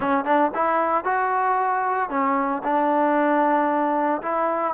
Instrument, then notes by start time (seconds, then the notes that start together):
trombone
0.00 C#4
0.24 D4
0.54 E4
1.04 F#4
2.09 C#4
2.63 D4
4.22 E4